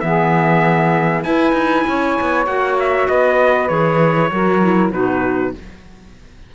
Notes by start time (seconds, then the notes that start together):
0.00 E3 B3 G#4 E5
1.23 E4 B4 G#5
1.52 D#4
1.87 C#4 C#5
2.21 B3
2.46 A#3 F#4 F#5
2.79 E5
3.08 B3 B4 D#5
3.68 E3 G#4 C#5
4.31 F#3 F#4 A#4
4.61 E4
4.91 B2 D#4 F#4 B4